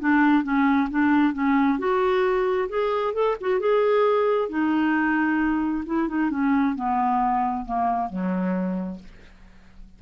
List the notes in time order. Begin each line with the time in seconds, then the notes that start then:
0.00 D4
0.44 C#4
0.90 D4
1.33 C#4
1.79 F#4
2.69 G#4
3.14 A4
3.41 F#4
3.60 G#4
4.49 D#4
5.86 E4
6.08 D#4
6.31 C#4
6.76 B3
7.65 A#3
8.10 F#3